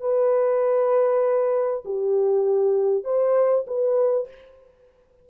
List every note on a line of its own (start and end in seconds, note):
0.00 1.84 B4
1.85 3.04 G4
3.04 3.66 C5
3.67 4.28 B4